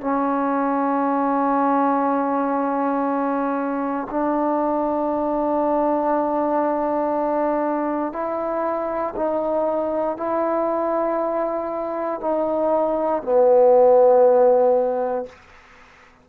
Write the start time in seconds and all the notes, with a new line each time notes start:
0.00 C#4
4.10 D4
8.12 E4
9.15 D#4
10.17 E4
12.20 D#4
13.22 B3